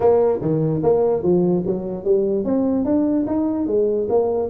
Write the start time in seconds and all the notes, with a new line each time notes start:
0.00 A#3
0.41 D#3
0.83 A#3
1.22 F3
1.66 F#3
2.04 G3
2.44 C4
2.85 D4
3.27 D#4
3.66 G#3
4.09 A#3